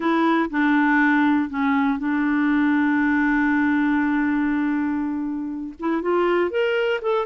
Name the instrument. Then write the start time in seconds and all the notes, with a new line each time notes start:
clarinet
0.00 E4
0.50 D4
1.49 C#4
1.99 D4
5.79 E4
6.02 F4
6.50 A#4
7.01 A4